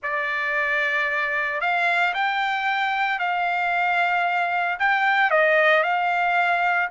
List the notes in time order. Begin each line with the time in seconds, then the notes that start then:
0.02 D5
1.60 F5
2.14 G5
3.19 F5
4.79 G5
5.30 D#5
5.83 F5